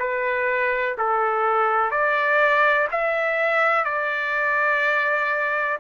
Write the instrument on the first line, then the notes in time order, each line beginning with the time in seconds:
trumpet
0.00 B4
0.98 A4
1.91 D5
2.92 E5
3.85 D5